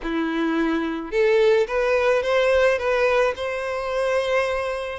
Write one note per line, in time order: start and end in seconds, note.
0.03 1.11 E4
1.11 1.66 A4
1.67 2.22 B4
2.22 2.78 C5
2.78 3.34 B4
3.35 4.99 C5